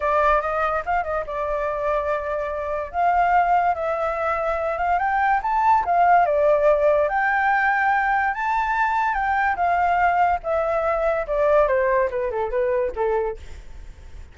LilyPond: \new Staff \with { instrumentName = "flute" } { \time 4/4 \tempo 4 = 144 d''4 dis''4 f''8 dis''8 d''4~ | d''2. f''4~ | f''4 e''2~ e''8 f''8 | g''4 a''4 f''4 d''4~ |
d''4 g''2. | a''2 g''4 f''4~ | f''4 e''2 d''4 | c''4 b'8 a'8 b'4 a'4 | }